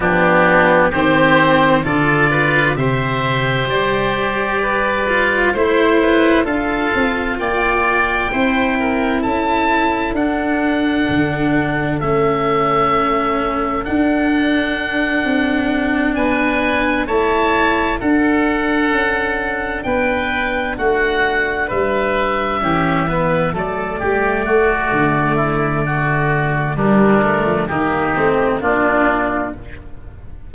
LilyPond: <<
  \new Staff \with { instrumentName = "oboe" } { \time 4/4 \tempo 4 = 65 g'4 c''4 d''4 e''4 | d''2 c''4 f''4 | g''2 a''4 fis''4~ | fis''4 e''2 fis''4~ |
fis''4. gis''4 a''4 fis''8~ | fis''4. g''4 fis''4 e''8~ | e''4. d''2~ d''8~ | d''4 ais'4 g'4 f'4 | }
  \new Staff \with { instrumentName = "oboe" } { \time 4/4 d'4 g'4 a'8 b'8 c''4~ | c''4 b'4 c''8 b'8 a'4 | d''4 c''8 ais'8 a'2~ | a'1~ |
a'4. b'4 cis''4 a'8~ | a'4. b'4 fis'4 b'8~ | b'8 g'8 b'8 a'8 g'8 fis'4 e'8 | fis'4 d'4 dis'4 d'4 | }
  \new Staff \with { instrumentName = "cello" } { \time 4/4 b4 c'4 f'4 g'4~ | g'4. f'8 e'4 f'4~ | f'4 e'2 d'4~ | d'4 cis'2 d'4~ |
d'2~ d'8 e'4 d'8~ | d'1~ | d'8 cis'8 b8 a2~ a8~ | a4 g8 a8 ais8 c'8 d'4 | }
  \new Staff \with { instrumentName = "tuba" } { \time 4/4 f4 dis4 d4 c4 | g2 a4 d'8 c'8 | ais4 c'4 cis'4 d'4 | d4 a2 d'4~ |
d'8 c'4 b4 a4 d'8~ | d'8 cis'4 b4 a4 g8~ | g8 e4 fis8 g8 a8 d4~ | d4 g8. f16 dis8 a8 ais4 | }
>>